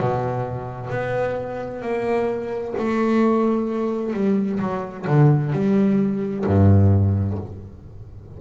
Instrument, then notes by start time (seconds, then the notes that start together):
double bass
0.00 B2
0.90 B3
1.82 A#3
2.78 A3
4.13 G3
4.60 F#3
5.07 D3
5.53 G3
6.46 G2